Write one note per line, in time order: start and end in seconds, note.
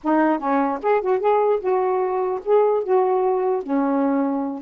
0.03 0.39 D#4
0.39 0.79 C#4
0.82 1.01 G#4
1.01 1.19 F#4
1.19 1.59 G#4
1.60 2.40 F#4
2.45 2.83 G#4
2.83 3.63 F#4
3.63 4.61 C#4